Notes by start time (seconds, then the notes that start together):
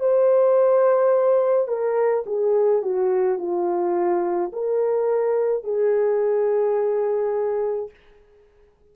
0.00 C5
1.68 A#4
2.26 G#4
2.83 F#4
3.39 F4
4.53 A#4
5.64 G#4